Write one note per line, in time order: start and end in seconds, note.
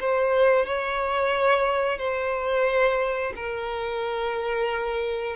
0.00 0.65 C5
0.65 1.98 C#5
1.98 3.33 C5
3.36 5.36 A#4